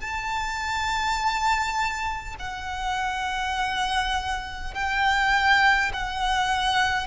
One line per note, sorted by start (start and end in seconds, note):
0.00 2.35 A5
2.39 4.74 F#5
4.74 5.91 G5
5.93 7.06 F#5